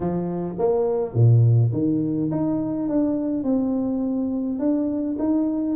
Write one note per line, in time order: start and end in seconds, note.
0.00 0.55 F3
0.58 1.14 A#3
1.14 1.71 A#2
1.73 2.30 D#3
2.31 2.88 D#4
2.88 3.43 D4
3.43 4.59 C4
4.59 5.16 D4
5.18 5.76 D#4